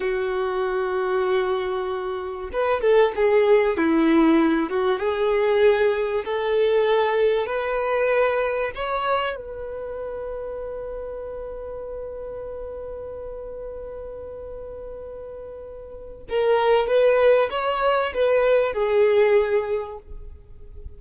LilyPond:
\new Staff \with { instrumentName = "violin" } { \time 4/4 \tempo 4 = 96 fis'1 | b'8 a'8 gis'4 e'4. fis'8 | gis'2 a'2 | b'2 cis''4 b'4~ |
b'1~ | b'1~ | b'2 ais'4 b'4 | cis''4 b'4 gis'2 | }